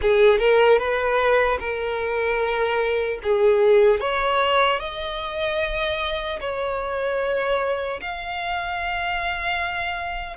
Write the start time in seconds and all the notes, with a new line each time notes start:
0.01 G#4
0.39 A#4
0.78 B4
1.59 A#4
3.23 G#4
4.00 C#5
4.79 D#5
6.40 C#5
8.01 F5